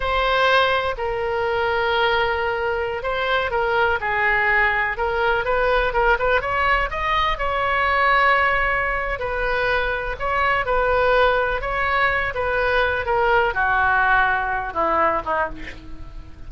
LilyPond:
\new Staff \with { instrumentName = "oboe" } { \time 4/4 \tempo 4 = 124 c''2 ais'2~ | ais'2~ ais'16 c''4 ais'8.~ | ais'16 gis'2 ais'4 b'8.~ | b'16 ais'8 b'8 cis''4 dis''4 cis''8.~ |
cis''2. b'4~ | b'4 cis''4 b'2 | cis''4. b'4. ais'4 | fis'2~ fis'8 e'4 dis'8 | }